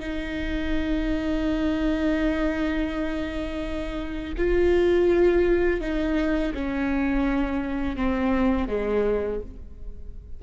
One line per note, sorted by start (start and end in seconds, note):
0.00 4.34 D#4
4.38 5.81 F4
5.81 6.53 D#4
6.54 7.96 C#4
7.96 8.68 C4
8.68 9.40 G#3